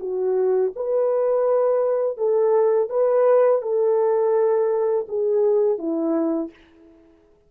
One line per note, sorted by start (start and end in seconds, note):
0.00 0.72 F#4
0.76 2.17 B4
2.17 2.89 A4
2.89 3.62 B4
3.62 5.06 A4
5.08 5.78 G#4
5.78 6.50 E4